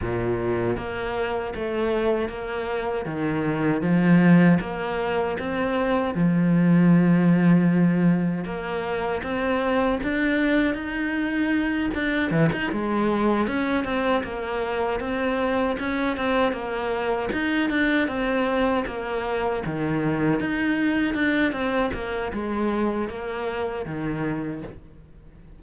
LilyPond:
\new Staff \with { instrumentName = "cello" } { \time 4/4 \tempo 4 = 78 ais,4 ais4 a4 ais4 | dis4 f4 ais4 c'4 | f2. ais4 | c'4 d'4 dis'4. d'8 |
e16 dis'16 gis4 cis'8 c'8 ais4 c'8~ | c'8 cis'8 c'8 ais4 dis'8 d'8 c'8~ | c'8 ais4 dis4 dis'4 d'8 | c'8 ais8 gis4 ais4 dis4 | }